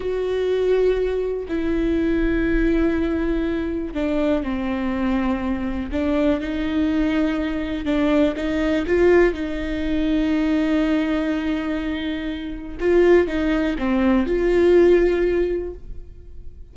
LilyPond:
\new Staff \with { instrumentName = "viola" } { \time 4/4 \tempo 4 = 122 fis'2. e'4~ | e'1 | d'4 c'2. | d'4 dis'2. |
d'4 dis'4 f'4 dis'4~ | dis'1~ | dis'2 f'4 dis'4 | c'4 f'2. | }